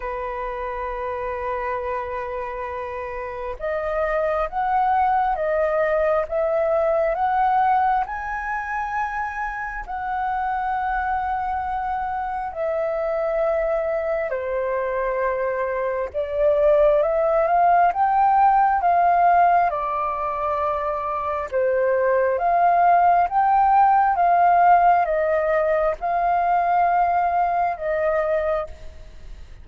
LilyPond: \new Staff \with { instrumentName = "flute" } { \time 4/4 \tempo 4 = 67 b'1 | dis''4 fis''4 dis''4 e''4 | fis''4 gis''2 fis''4~ | fis''2 e''2 |
c''2 d''4 e''8 f''8 | g''4 f''4 d''2 | c''4 f''4 g''4 f''4 | dis''4 f''2 dis''4 | }